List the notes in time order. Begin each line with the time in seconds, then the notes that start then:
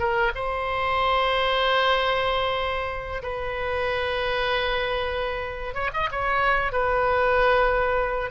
0.00 A#4
0.35 C5
3.23 B4
5.75 C#5
5.94 D#5
6.12 C#5
6.73 B4